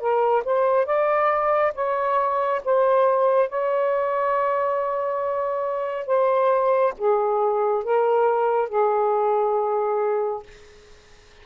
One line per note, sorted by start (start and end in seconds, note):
0.00 0.43 A#4
0.45 0.86 C5
0.86 1.73 D5
1.75 2.62 C#5
2.65 3.49 C5
3.49 6.07 C#5
6.07 6.94 C5
6.98 7.84 G#4
7.84 8.70 A#4
8.70 10.43 G#4